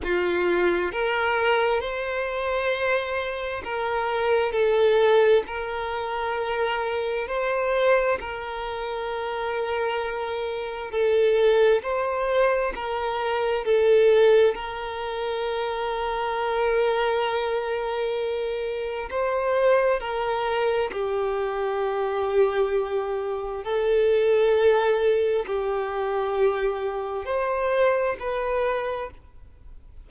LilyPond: \new Staff \with { instrumentName = "violin" } { \time 4/4 \tempo 4 = 66 f'4 ais'4 c''2 | ais'4 a'4 ais'2 | c''4 ais'2. | a'4 c''4 ais'4 a'4 |
ais'1~ | ais'4 c''4 ais'4 g'4~ | g'2 a'2 | g'2 c''4 b'4 | }